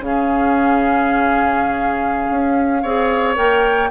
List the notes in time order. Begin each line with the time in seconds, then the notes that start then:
0.00 C#3 C#4 G#4 F5
2.31 C#4
2.82 C4 G#4 C#5
3.36 A#3 A#4 G5